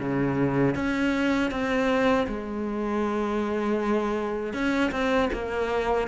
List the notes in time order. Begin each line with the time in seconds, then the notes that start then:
0.00 C#3
0.75 C#4
1.51 C4
2.28 G#3
4.54 C#4
4.92 C4
5.33 A#3